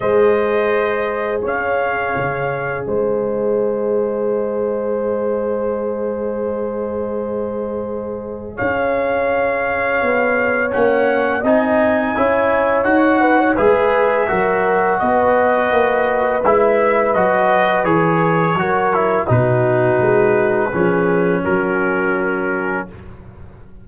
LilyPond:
<<
  \new Staff \with { instrumentName = "trumpet" } { \time 4/4 \tempo 4 = 84 dis''2 f''2 | dis''1~ | dis''1 | f''2. fis''4 |
gis''2 fis''4 e''4~ | e''4 dis''2 e''4 | dis''4 cis''2 b'4~ | b'2 ais'2 | }
  \new Staff \with { instrumentName = "horn" } { \time 4/4 c''2 cis''2 | c''1~ | c''1 | cis''1 |
dis''4 cis''4. b'16 cis''16 b'4 | ais'4 b'2.~ | b'2 ais'4 fis'4~ | fis'4 gis'4 fis'2 | }
  \new Staff \with { instrumentName = "trombone" } { \time 4/4 gis'1~ | gis'1~ | gis'1~ | gis'2. cis'4 |
dis'4 e'4 fis'4 gis'4 | fis'2. e'4 | fis'4 gis'4 fis'8 e'8 dis'4~ | dis'4 cis'2. | }
  \new Staff \with { instrumentName = "tuba" } { \time 4/4 gis2 cis'4 cis4 | gis1~ | gis1 | cis'2 b4 ais4 |
c'4 cis'4 dis'4 gis4 | fis4 b4 ais4 gis4 | fis4 e4 fis4 b,4 | gis4 f4 fis2 | }
>>